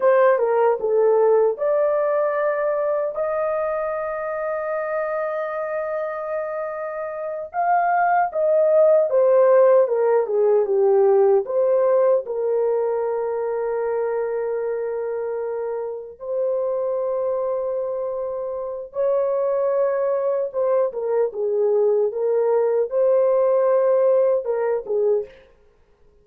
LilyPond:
\new Staff \with { instrumentName = "horn" } { \time 4/4 \tempo 4 = 76 c''8 ais'8 a'4 d''2 | dis''1~ | dis''4. f''4 dis''4 c''8~ | c''8 ais'8 gis'8 g'4 c''4 ais'8~ |
ais'1~ | ais'8 c''2.~ c''8 | cis''2 c''8 ais'8 gis'4 | ais'4 c''2 ais'8 gis'8 | }